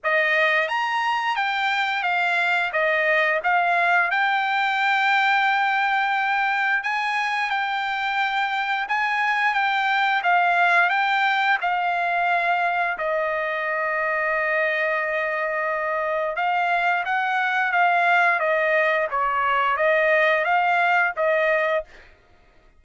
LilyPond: \new Staff \with { instrumentName = "trumpet" } { \time 4/4 \tempo 4 = 88 dis''4 ais''4 g''4 f''4 | dis''4 f''4 g''2~ | g''2 gis''4 g''4~ | g''4 gis''4 g''4 f''4 |
g''4 f''2 dis''4~ | dis''1 | f''4 fis''4 f''4 dis''4 | cis''4 dis''4 f''4 dis''4 | }